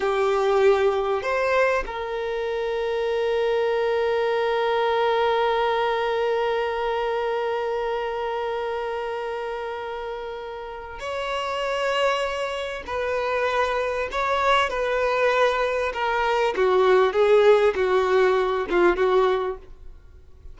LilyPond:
\new Staff \with { instrumentName = "violin" } { \time 4/4 \tempo 4 = 98 g'2 c''4 ais'4~ | ais'1~ | ais'1~ | ais'1~ |
ais'2 cis''2~ | cis''4 b'2 cis''4 | b'2 ais'4 fis'4 | gis'4 fis'4. f'8 fis'4 | }